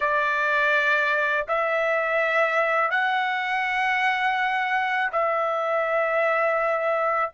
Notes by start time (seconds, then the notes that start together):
0.00 D5
1.48 E5
2.91 F#5
5.12 E5